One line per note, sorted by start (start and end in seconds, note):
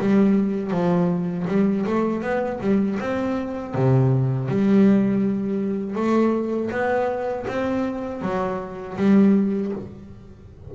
0.00 0.71 G3
0.71 1.46 F3
1.48 1.85 G3
1.86 2.22 A3
2.22 2.60 B3
2.61 2.98 G3
3.00 3.75 C4
3.75 4.49 C3
4.49 5.95 G3
5.95 6.70 A3
6.71 7.46 B3
7.48 8.22 C4
8.22 8.97 F#3
8.97 9.72 G3